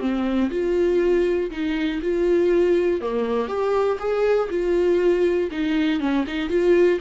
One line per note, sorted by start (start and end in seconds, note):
0.00 0.50 C4
0.50 1.50 F4
1.50 2.00 D#4
2.02 3.00 F4
3.00 3.48 A#3
3.48 3.98 G4
3.99 4.49 G#4
4.50 5.50 F4
5.51 6.00 D#4
6.00 6.25 C#4
6.27 6.49 D#4
6.49 6.99 F4